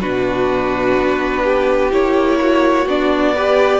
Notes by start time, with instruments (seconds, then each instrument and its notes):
0.00 cello B2, viola D4, violin F#4 B4
0.98 cello B3
1.43 violin G4
1.91 cello A#3, viola E4, violin C#5
2.40 violin F#4
2.86 cello B3, viola D4, violin D5
3.35 viola G4, violin B4